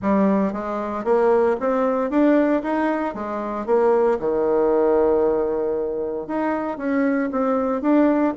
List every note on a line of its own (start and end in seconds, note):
0.01 0.52 G3
0.52 1.04 G#3
1.04 1.56 A#3
1.60 2.10 C4
2.10 2.62 D4
2.63 3.14 D#4
3.14 3.66 G#3
3.66 4.18 A#3
4.19 6.27 D#3
6.27 6.77 D#4
6.77 7.29 C#4
7.31 7.81 C4
7.81 8.33 D4